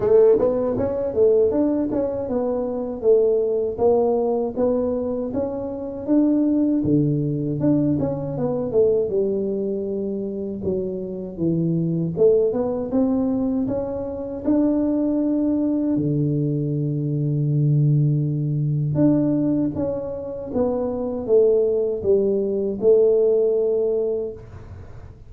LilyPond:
\new Staff \with { instrumentName = "tuba" } { \time 4/4 \tempo 4 = 79 a8 b8 cis'8 a8 d'8 cis'8 b4 | a4 ais4 b4 cis'4 | d'4 d4 d'8 cis'8 b8 a8 | g2 fis4 e4 |
a8 b8 c'4 cis'4 d'4~ | d'4 d2.~ | d4 d'4 cis'4 b4 | a4 g4 a2 | }